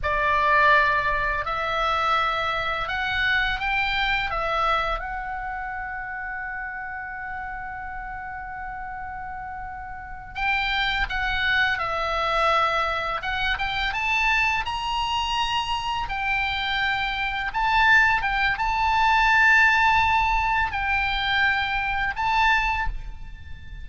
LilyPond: \new Staff \with { instrumentName = "oboe" } { \time 4/4 \tempo 4 = 84 d''2 e''2 | fis''4 g''4 e''4 fis''4~ | fis''1~ | fis''2~ fis''8 g''4 fis''8~ |
fis''8 e''2 fis''8 g''8 a''8~ | a''8 ais''2 g''4.~ | g''8 a''4 g''8 a''2~ | a''4 g''2 a''4 | }